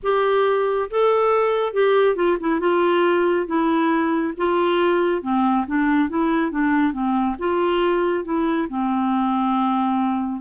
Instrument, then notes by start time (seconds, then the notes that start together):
clarinet
0.02 G4
0.90 A4
1.73 G4
2.15 F4
2.40 E4
2.60 F4
3.46 E4
4.37 F4
5.22 C4
5.66 D4
6.09 E4
6.51 D4
6.92 C4
7.38 F4
8.24 E4
8.69 C4